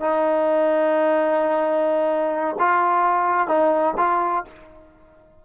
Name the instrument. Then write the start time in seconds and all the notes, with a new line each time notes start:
trombone
0.00 D#4
2.59 F4
3.47 D#4
3.97 F4